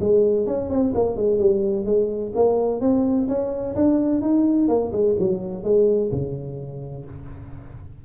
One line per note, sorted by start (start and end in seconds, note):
0.00 0.46 G#3
0.46 0.69 C#4
0.69 0.93 C4
0.94 1.16 A#3
1.16 1.38 G#3
1.38 1.85 G3
1.85 2.32 G#3
2.35 2.80 A#3
2.80 3.27 C4
3.28 3.75 C#4
3.75 4.21 D4
4.21 4.68 D#4
4.68 4.91 A#3
4.92 5.15 G#3
5.19 5.63 F#3
5.63 6.10 G#3
6.11 7.05 C#3